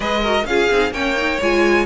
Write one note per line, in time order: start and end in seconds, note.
0.00 0.44 G#3
0.00 0.22 G#4
0.00 0.21 B4
0.00 0.46 D#5
0.21 0.47 F#4
0.21 0.44 A#4
0.45 0.68 C#4
0.45 0.71 F4
0.45 0.93 G#4
0.45 0.92 F5
0.71 0.91 C4
0.71 0.92 D#4
0.91 1.38 A#3
0.91 1.16 C#4
0.91 1.86 C#5
0.91 1.40 G5
1.16 1.40 D#4
1.41 1.86 G#3
1.41 1.86 F4
1.41 1.86 G#5